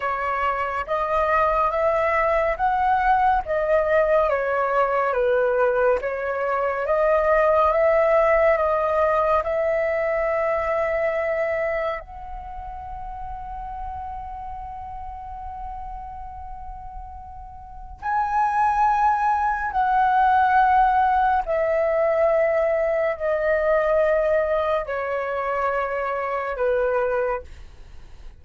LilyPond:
\new Staff \with { instrumentName = "flute" } { \time 4/4 \tempo 4 = 70 cis''4 dis''4 e''4 fis''4 | dis''4 cis''4 b'4 cis''4 | dis''4 e''4 dis''4 e''4~ | e''2 fis''2~ |
fis''1~ | fis''4 gis''2 fis''4~ | fis''4 e''2 dis''4~ | dis''4 cis''2 b'4 | }